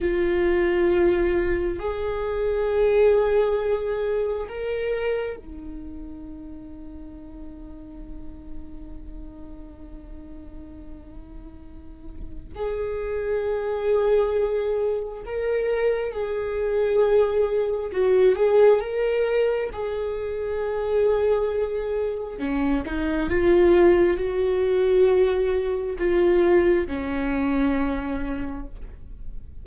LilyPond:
\new Staff \with { instrumentName = "viola" } { \time 4/4 \tempo 4 = 67 f'2 gis'2~ | gis'4 ais'4 dis'2~ | dis'1~ | dis'2 gis'2~ |
gis'4 ais'4 gis'2 | fis'8 gis'8 ais'4 gis'2~ | gis'4 cis'8 dis'8 f'4 fis'4~ | fis'4 f'4 cis'2 | }